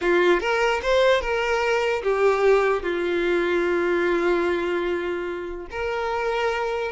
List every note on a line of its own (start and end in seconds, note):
0.01 0.40 F4
0.40 0.81 A#4
0.82 1.21 C5
1.21 2.02 A#4
2.03 2.82 G4
2.82 5.66 F4
5.70 6.91 A#4